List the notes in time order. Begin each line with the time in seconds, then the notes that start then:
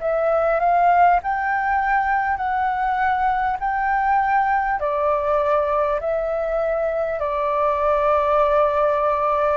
0.00 E5
0.59 F5
1.23 G5
2.37 F#5
3.59 G5
4.80 D5
6.01 E5
7.19 D5